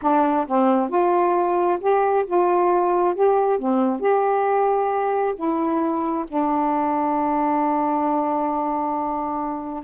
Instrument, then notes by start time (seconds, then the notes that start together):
saxophone
0.02 D4
0.47 C4
0.89 F4
1.80 G4
2.26 F4
3.14 G4
3.59 C4
4.00 G4
5.35 E4
6.27 D4